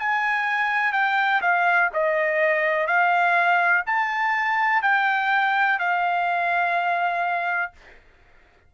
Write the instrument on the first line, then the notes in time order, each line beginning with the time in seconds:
trumpet
0.00 G#5
0.93 G5
1.42 F5
1.94 D#5
2.87 F5
3.87 A5
4.82 G5
5.79 F5